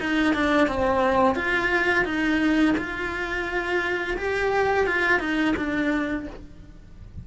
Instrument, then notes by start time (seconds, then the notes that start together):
cello
0.00 D#4
0.34 D4
0.68 C4
1.36 F4
2.05 D#4
2.77 F4
4.17 G4
4.87 F4
5.20 D#4
5.57 D4